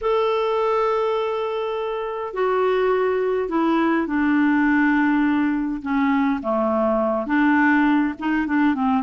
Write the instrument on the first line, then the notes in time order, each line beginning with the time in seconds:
clarinet
0.01 A4
2.33 F#4
3.48 E4
4.06 D4
5.81 C#4
6.42 A3
7.26 D4
8.19 D#4
8.46 D4
8.74 C4